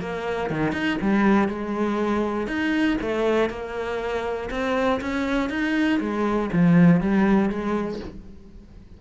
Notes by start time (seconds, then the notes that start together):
0.00 A#3
0.50 D#3
0.72 D#4
1.01 G3
1.48 G#3
2.47 D#4
3.01 A3
3.49 A#3
4.50 C4
5.01 C#4
5.50 D#4
6.00 G#3
6.52 F3
7.01 G3
7.50 G#3